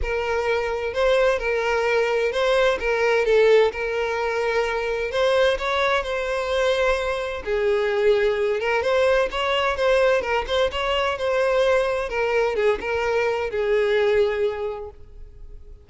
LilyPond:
\new Staff \with { instrumentName = "violin" } { \time 4/4 \tempo 4 = 129 ais'2 c''4 ais'4~ | ais'4 c''4 ais'4 a'4 | ais'2. c''4 | cis''4 c''2. |
gis'2~ gis'8 ais'8 c''4 | cis''4 c''4 ais'8 c''8 cis''4 | c''2 ais'4 gis'8 ais'8~ | ais'4 gis'2. | }